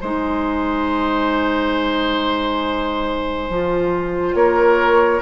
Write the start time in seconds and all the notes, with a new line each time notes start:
0.00 G#3 D#4 C5 G#5
3.49 F3 F4
4.34 A#3 A#4 C#5